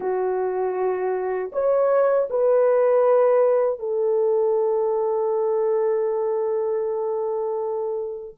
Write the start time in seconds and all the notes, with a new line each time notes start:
0.00 F#4
1.52 C#5
2.30 B4
3.79 A4